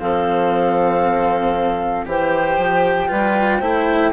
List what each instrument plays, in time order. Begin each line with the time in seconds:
0.00 bassoon F3, cello C4, clarinet A4, flute F5
2.06 bassoon E3, cello G4, clarinet C5, flute G5
2.58 bassoon F3
3.09 bassoon G3, cello F4, clarinet B4
3.58 bassoon A3, cello E4, clarinet C5